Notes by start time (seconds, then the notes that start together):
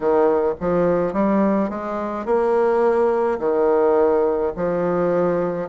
0.00 D#3
0.60 F3
1.13 G3
1.69 G#3
2.25 A#3
3.39 D#3
4.55 F3